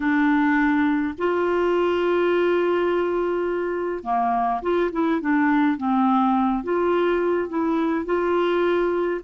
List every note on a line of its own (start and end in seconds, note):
0.00 1.14 D4
1.17 4.03 F4
4.03 4.61 A#3
4.62 4.90 F4
4.91 5.20 E4
5.20 5.77 D4
5.77 6.63 C4
6.63 7.48 F4
7.48 8.05 E4
8.05 9.20 F4